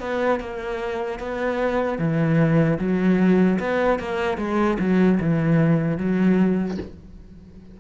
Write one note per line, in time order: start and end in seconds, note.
0.00 0.40 B3
0.40 1.19 A#3
1.19 1.99 B3
1.99 2.79 E3
2.79 3.59 F#3
3.59 3.99 B3
3.99 4.38 A#3
4.38 4.78 G#3
4.79 5.19 F#3
5.20 5.98 E3
5.98 6.78 F#3